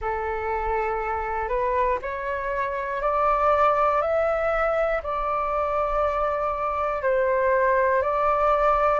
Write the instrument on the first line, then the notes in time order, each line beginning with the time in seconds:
flute
0.01 A4
1.48 B4
2.01 C#5
3.01 D5
4.01 E5
5.02 D5
7.02 C5
8.02 D5